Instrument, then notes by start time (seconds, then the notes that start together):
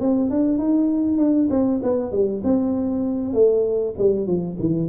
tuba
0.00 C4
0.30 D4
0.58 D#4
1.18 D4
1.50 C4
1.83 B3
2.12 G3
2.44 C4
3.33 A3
3.98 G3
4.27 F3
4.59 E3